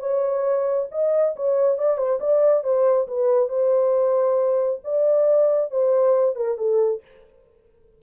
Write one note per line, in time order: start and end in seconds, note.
0.00 0.88 C#5
0.92 1.35 D#5
1.36 1.78 C#5
1.78 1.98 D5
1.98 2.20 C5
2.20 2.64 D5
2.64 3.08 C5
3.08 3.49 B4
3.49 4.81 C5
4.84 5.71 D5
5.71 6.36 C5
6.36 6.58 A#4
6.58 7.02 A4